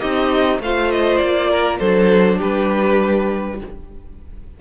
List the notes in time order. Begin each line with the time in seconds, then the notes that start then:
0.00 C4 D#4 G4 D#5
0.60 A3 F4 C5 F5
0.91 D#5
1.17 A#3 D5
1.50 A#4
1.79 F#3 D4 A4 C5
2.38 G3 G4 B4